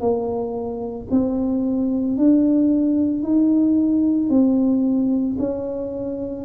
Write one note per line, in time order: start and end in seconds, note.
0.00 1.07 A#3
1.11 2.17 C4
2.17 3.23 D4
3.23 4.30 D#4
4.30 5.37 C4
5.39 6.45 C#4